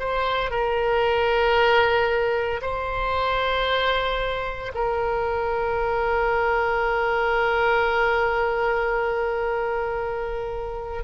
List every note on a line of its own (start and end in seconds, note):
0.00 0.50 C5
0.50 2.61 A#4
2.62 4.72 C5
4.75 11.04 A#4